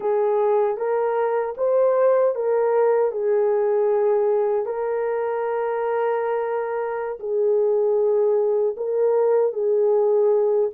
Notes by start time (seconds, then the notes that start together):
0.00 G#4
0.77 A#4
1.57 C5
2.35 A#4
3.11 G#4
4.65 A#4
7.19 G#4
8.76 A#4
9.53 G#4